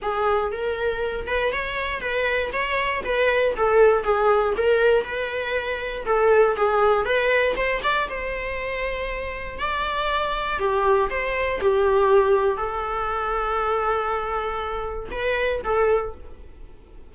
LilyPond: \new Staff \with { instrumentName = "viola" } { \time 4/4 \tempo 4 = 119 gis'4 ais'4. b'8 cis''4 | b'4 cis''4 b'4 a'4 | gis'4 ais'4 b'2 | a'4 gis'4 b'4 c''8 d''8 |
c''2. d''4~ | d''4 g'4 c''4 g'4~ | g'4 a'2.~ | a'2 b'4 a'4 | }